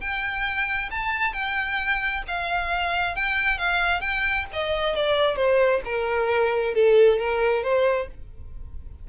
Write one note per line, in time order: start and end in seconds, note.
0.00 0.90 G5
0.90 1.33 A5
1.33 2.23 G5
2.27 3.15 F5
3.15 3.58 G5
3.58 4.01 F5
4.01 4.46 G5
4.52 4.95 D#5
4.95 5.36 D5
5.36 5.81 C5
5.84 6.74 A#4
6.74 7.19 A4
7.19 7.63 A#4
7.63 8.08 C5